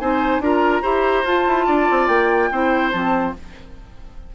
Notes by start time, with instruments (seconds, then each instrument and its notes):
0.00 bassoon C4, clarinet D#4, oboe C5, flute G#5
0.39 bassoon D4, clarinet F4, oboe A#4, flute A#5
0.82 bassoon E4, clarinet G4, oboe C5
1.24 bassoon F4, clarinet F4, flute A5
1.47 bassoon E4
1.66 bassoon D4, oboe D5
1.91 bassoon C4
2.08 bassoon A#3, flute G5
2.52 bassoon C4, clarinet E4, oboe C5
2.92 bassoon F3, clarinet C4, flute A5